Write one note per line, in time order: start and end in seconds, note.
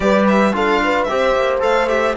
0.00 0.53 G3
0.00 0.52 G4
0.00 0.54 B4
0.00 0.26 D5
0.28 0.55 E5
0.52 1.07 D4
0.52 1.07 F4
0.52 0.81 A4
0.52 1.03 F5
0.84 1.10 B4
1.03 1.35 C4
1.03 1.60 G4
1.03 1.57 E5
1.10 2.16 C5
1.35 1.62 A#3
1.60 2.16 A3
1.60 1.87 A4
1.60 1.88 F5
1.88 2.15 G4
1.88 2.15 E5